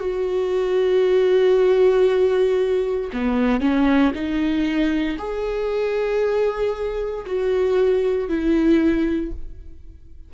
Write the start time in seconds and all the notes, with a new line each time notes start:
0.00 F#4
3.13 B3
3.61 C#4
4.14 D#4
5.19 G#4
7.26 F#4
8.29 E4